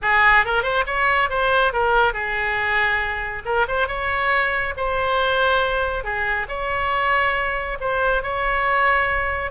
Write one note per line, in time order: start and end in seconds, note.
0.02 0.45 G#4
0.45 0.63 A#4
0.63 0.84 C5
0.86 1.29 C#5
1.29 1.72 C5
1.73 2.13 A#4
2.13 3.42 G#4
3.45 3.66 A#4
3.68 3.87 C5
3.87 4.73 C#5
4.76 6.03 C5
6.03 6.46 G#4
6.48 7.77 C#5
7.80 8.22 C5
8.22 9.51 C#5